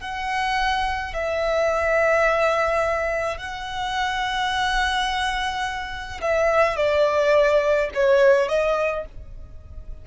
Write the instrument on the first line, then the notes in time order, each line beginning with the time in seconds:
violin
0.00 F#5
1.13 E5
3.37 F#5
6.21 E5
6.76 D5
7.94 C#5
8.48 D#5